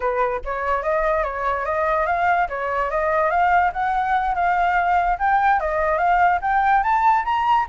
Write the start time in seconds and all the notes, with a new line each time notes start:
0.00 B4
0.44 C#5
0.83 D#5
1.23 C#5
1.65 D#5
2.06 F5
2.48 C#5
2.90 D#5
3.30 F5
3.72 F#5
4.34 F5
5.18 G5
5.60 D#5
5.98 F5
6.41 G5
6.83 A5
7.25 A#5